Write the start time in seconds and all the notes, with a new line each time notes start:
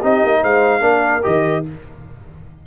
0.00 C4 D#4 G4 D#5
0.23 A#3
0.41 G#3 C5 F5
0.81 A#3 D4 A#4
1.22 D#3 G4 D#5